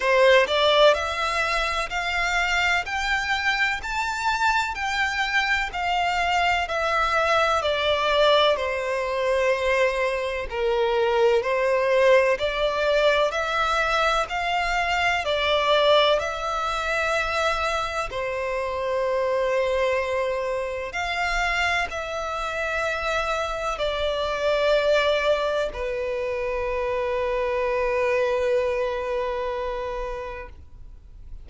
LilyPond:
\new Staff \with { instrumentName = "violin" } { \time 4/4 \tempo 4 = 63 c''8 d''8 e''4 f''4 g''4 | a''4 g''4 f''4 e''4 | d''4 c''2 ais'4 | c''4 d''4 e''4 f''4 |
d''4 e''2 c''4~ | c''2 f''4 e''4~ | e''4 d''2 b'4~ | b'1 | }